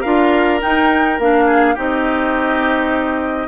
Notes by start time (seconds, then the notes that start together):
0.00 D4 F4 A#4 F5
0.61 D#4 G5
1.19 A#3 D4 F5
1.46 G#4
1.75 C4 D#4 G4 D#5